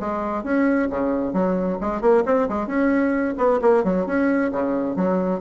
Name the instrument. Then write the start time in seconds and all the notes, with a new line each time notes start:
bassoon
0.00 G#3
0.44 C#4
0.90 C#3
1.33 F#3
1.81 G#3
2.01 A#3
2.26 C4
2.49 G#3
2.67 C#4
3.38 B3
3.62 A#3
3.84 F#3
4.06 C#4
4.52 C#3
4.96 F#3